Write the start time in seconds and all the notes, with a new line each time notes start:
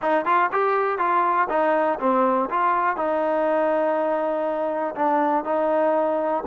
0.02 D#4
0.25 F4
0.52 G4
0.98 F4
1.49 D#4
1.99 C4
2.50 F4
2.96 D#4
4.95 D4
5.44 D#4